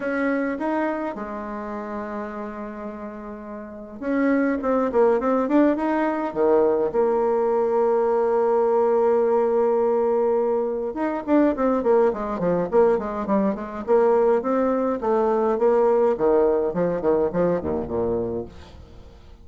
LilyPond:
\new Staff \with { instrumentName = "bassoon" } { \time 4/4 \tempo 4 = 104 cis'4 dis'4 gis2~ | gis2. cis'4 | c'8 ais8 c'8 d'8 dis'4 dis4 | ais1~ |
ais2. dis'8 d'8 | c'8 ais8 gis8 f8 ais8 gis8 g8 gis8 | ais4 c'4 a4 ais4 | dis4 f8 dis8 f8 dis,8 ais,4 | }